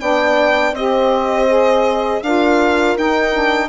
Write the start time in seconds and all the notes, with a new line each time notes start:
0.00 B3 D4 D5 G5
0.72 C4 G4 C5 D#5
1.47 G#4
2.22 D4 F4 A#4 F5
2.97 D#4 G5
3.33 D4